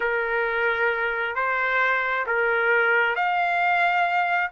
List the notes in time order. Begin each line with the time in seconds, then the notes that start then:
0.00 A#4
1.35 C5
2.26 A#4
3.15 F5